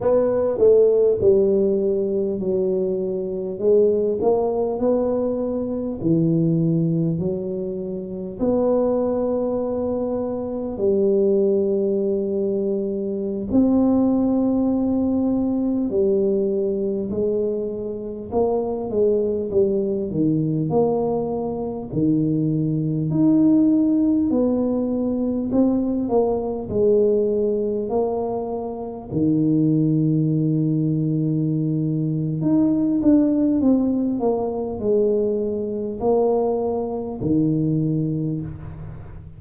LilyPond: \new Staff \with { instrumentName = "tuba" } { \time 4/4 \tempo 4 = 50 b8 a8 g4 fis4 gis8 ais8 | b4 e4 fis4 b4~ | b4 g2~ g16 c'8.~ | c'4~ c'16 g4 gis4 ais8 gis16~ |
gis16 g8 dis8 ais4 dis4 dis'8.~ | dis'16 b4 c'8 ais8 gis4 ais8.~ | ais16 dis2~ dis8. dis'8 d'8 | c'8 ais8 gis4 ais4 dis4 | }